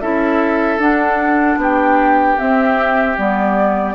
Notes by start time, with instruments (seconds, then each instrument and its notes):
0.00 bassoon C#4, clarinet E4, oboe A4, flute E5
0.78 bassoon D4, clarinet D4, flute F#5
1.56 bassoon B3, oboe G4, flute G5
2.37 clarinet C4, bassoon C4, flute E5
3.17 bassoon G3, clarinet B3, flute D5